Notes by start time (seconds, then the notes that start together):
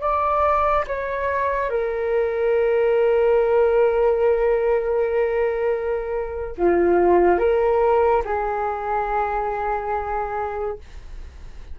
0.00 D5
0.87 C#5
1.69 A#4
6.57 F4
7.38 A#4
8.25 G#4